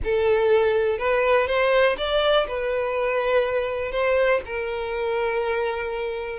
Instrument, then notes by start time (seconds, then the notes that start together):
violin
0.04 A4
0.98 B4
1.47 C5
1.97 D5
2.47 B4
3.91 C5
4.45 A#4